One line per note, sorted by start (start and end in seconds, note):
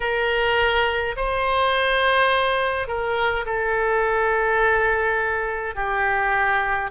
0.00 1.15 A#4
1.16 2.87 C5
2.87 3.45 A#4
3.45 5.75 A4
5.75 6.90 G4